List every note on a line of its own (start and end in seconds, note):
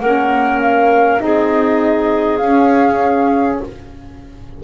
0.00 1.20 A#3
0.00 1.19 C#4
0.00 1.22 A#4
0.00 0.60 F#5
0.61 1.21 F5
1.19 2.41 C4
1.19 2.39 D#4
1.19 3.64 G#4
1.19 2.37 D#5
2.37 3.61 C#4
2.37 3.57 F5
2.44 3.64 C#4